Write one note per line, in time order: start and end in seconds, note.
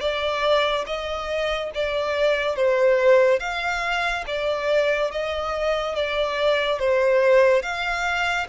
0.00 0.85 D5
0.86 1.71 D#5
1.74 2.56 D5
2.56 3.40 C5
3.40 4.24 F5
4.27 5.11 D5
5.11 5.95 D#5
5.95 6.79 D5
6.79 7.62 C5
7.62 8.47 F5